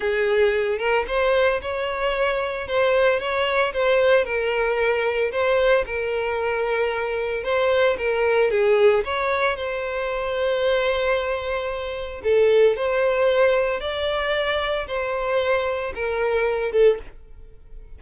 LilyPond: \new Staff \with { instrumentName = "violin" } { \time 4/4 \tempo 4 = 113 gis'4. ais'8 c''4 cis''4~ | cis''4 c''4 cis''4 c''4 | ais'2 c''4 ais'4~ | ais'2 c''4 ais'4 |
gis'4 cis''4 c''2~ | c''2. a'4 | c''2 d''2 | c''2 ais'4. a'8 | }